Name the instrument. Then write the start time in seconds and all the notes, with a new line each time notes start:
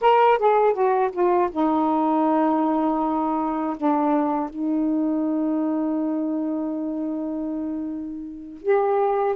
saxophone
0.01 A#4
0.38 G#4
0.73 F#4
1.12 F4
1.51 D#4
3.76 D4
4.49 D#4
8.62 G4